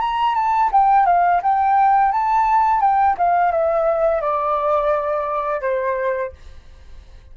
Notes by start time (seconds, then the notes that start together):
0.00 A#5
0.34 A5
0.72 G5
1.06 F5
1.42 G5
2.11 A5
2.81 G5
3.17 F5
3.51 E5
4.21 D5
5.61 C5